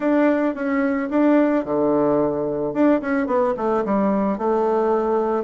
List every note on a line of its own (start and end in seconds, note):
0.00 0.55 D4
0.55 1.09 C#4
1.10 1.64 D4
1.64 2.73 D3
2.73 3.00 D4
3.01 3.26 C#4
3.26 3.54 B3
3.57 3.84 A3
3.85 4.38 G3
4.38 5.44 A3